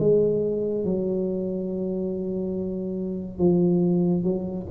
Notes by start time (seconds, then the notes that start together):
0.00 G#3
0.85 F#3
3.39 F3
4.24 F#3